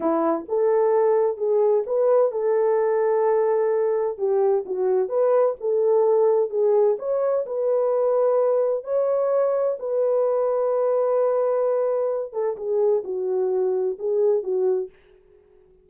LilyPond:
\new Staff \with { instrumentName = "horn" } { \time 4/4 \tempo 4 = 129 e'4 a'2 gis'4 | b'4 a'2.~ | a'4 g'4 fis'4 b'4 | a'2 gis'4 cis''4 |
b'2. cis''4~ | cis''4 b'2.~ | b'2~ b'8 a'8 gis'4 | fis'2 gis'4 fis'4 | }